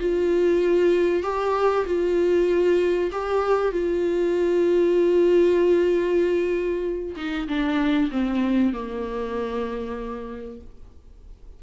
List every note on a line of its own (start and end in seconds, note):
0.00 1.23 F4
1.23 1.86 G4
1.86 3.11 F4
3.12 3.72 G4
3.72 7.16 F4
7.17 7.48 D#4
7.48 8.11 D4
8.12 8.73 C4
8.73 10.61 A#3